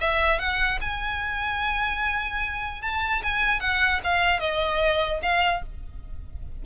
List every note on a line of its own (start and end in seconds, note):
0.00 0.38 E5
0.38 0.79 F#5
0.81 2.81 G#5
2.81 3.22 A5
3.23 3.60 G#5
3.60 4.00 F#5
4.03 4.39 F5
4.39 5.20 D#5
5.22 5.62 F5